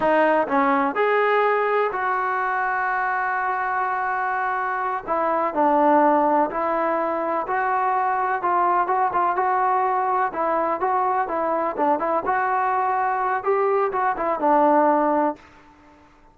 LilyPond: \new Staff \with { instrumentName = "trombone" } { \time 4/4 \tempo 4 = 125 dis'4 cis'4 gis'2 | fis'1~ | fis'2~ fis'8 e'4 d'8~ | d'4. e'2 fis'8~ |
fis'4. f'4 fis'8 f'8 fis'8~ | fis'4. e'4 fis'4 e'8~ | e'8 d'8 e'8 fis'2~ fis'8 | g'4 fis'8 e'8 d'2 | }